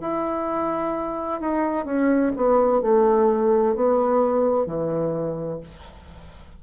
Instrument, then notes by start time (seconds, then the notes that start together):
bassoon
0.00 E4
1.40 D#4
1.85 C#4
2.36 B3
2.81 A3
3.75 B3
4.66 E3